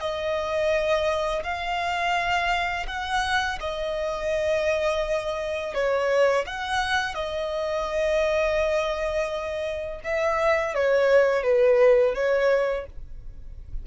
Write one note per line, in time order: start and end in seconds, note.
0.00 1.43 D#5
1.43 2.86 F5
2.87 3.58 F#5
3.60 5.74 D#5
5.74 6.45 C#5
6.46 7.14 F#5
7.14 10.00 D#5
10.04 10.74 E5
10.74 11.43 C#5
11.43 12.14 B4
12.15 12.86 C#5